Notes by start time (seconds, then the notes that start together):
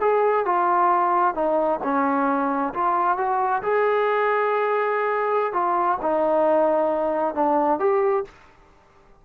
0.00 G#4
0.45 F4
1.34 D#4
1.83 C#4
2.74 F4
3.17 F#4
3.62 G#4
5.53 F4
6.01 D#4
7.34 D4
7.79 G4